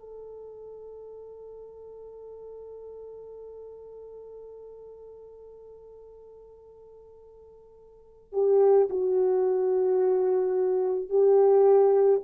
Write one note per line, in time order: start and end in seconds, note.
0.00 8.33 A4
8.33 8.88 G4
8.90 11.10 F#4
11.10 12.21 G4